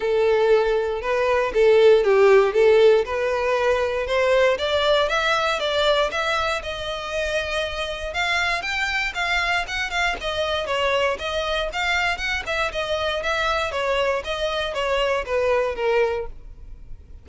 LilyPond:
\new Staff \with { instrumentName = "violin" } { \time 4/4 \tempo 4 = 118 a'2 b'4 a'4 | g'4 a'4 b'2 | c''4 d''4 e''4 d''4 | e''4 dis''2. |
f''4 g''4 f''4 fis''8 f''8 | dis''4 cis''4 dis''4 f''4 | fis''8 e''8 dis''4 e''4 cis''4 | dis''4 cis''4 b'4 ais'4 | }